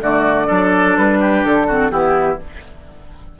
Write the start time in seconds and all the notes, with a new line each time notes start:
0.00 D3 A3 F#4 D5
0.46 F#3 D4 A4
0.97 G3 B4
1.20 G4
1.45 D3 A4
1.67 C4 F#4
1.90 E3 B3 E4 G4